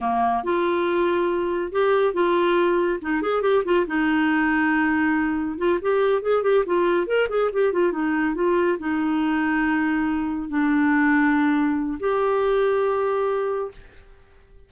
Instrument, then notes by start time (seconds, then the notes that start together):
clarinet
0.00 A#3
0.43 F4
1.72 G4
2.13 F4
3.01 D#4
3.21 G#4
3.42 G4
3.64 F4
3.86 D#4
5.58 F4
5.81 G4
6.21 G#4
6.42 G4
6.65 F4
7.06 A#4
7.29 G#4
7.52 G4
7.72 F4
7.91 D#4
8.35 F4
8.78 D#4
10.48 D4
11.99 G4